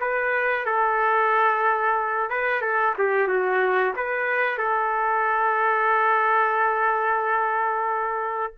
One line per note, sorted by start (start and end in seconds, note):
0.00 0.65 B4
0.65 2.29 A4
2.29 2.61 B4
2.61 2.94 A4
2.98 3.27 G4
3.27 3.93 F#4
3.96 4.57 B4
4.57 8.53 A4